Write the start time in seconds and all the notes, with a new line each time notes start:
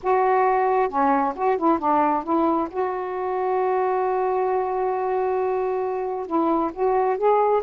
0.02 F#4
0.88 C#4
1.35 F#4
1.57 E4
1.78 D4
2.23 E4
2.70 F#4
6.26 E4
6.73 F#4
7.17 G#4